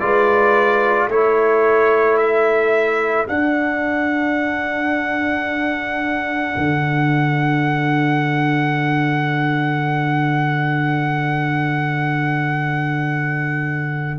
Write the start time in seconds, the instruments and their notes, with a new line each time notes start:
0.00 tuba G#3, trombone F4, horn B4, trumpet D5
1.07 tuba A3, trombone E4, horn A4, trumpet C#5
2.18 trumpet E5
3.28 trombone D4, tuba D4, trumpet F#5
6.57 tuba D3